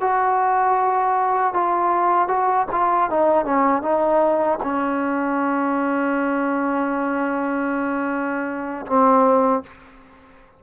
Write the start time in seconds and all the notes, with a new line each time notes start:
0.00 F#4
1.53 F4
2.28 F#4
2.71 F4
3.09 D#4
3.45 C#4
3.81 D#4
4.62 C#4
8.86 C4